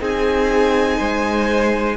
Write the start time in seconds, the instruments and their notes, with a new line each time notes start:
0.00 cello C4, viola D#4, violin G#4 G#5
0.98 cello G#3, violin C5